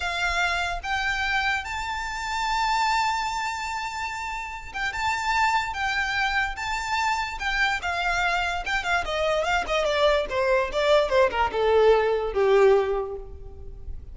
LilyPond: \new Staff \with { instrumentName = "violin" } { \time 4/4 \tempo 4 = 146 f''2 g''2 | a''1~ | a''2.~ a''8 g''8 | a''2 g''2 |
a''2 g''4 f''4~ | f''4 g''8 f''8 dis''4 f''8 dis''8 | d''4 c''4 d''4 c''8 ais'8 | a'2 g'2 | }